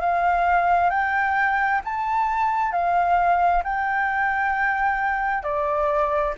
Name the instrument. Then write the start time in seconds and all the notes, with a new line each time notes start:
flute
0.00 F5
0.90 G5
1.84 A5
2.72 F5
3.63 G5
5.43 D5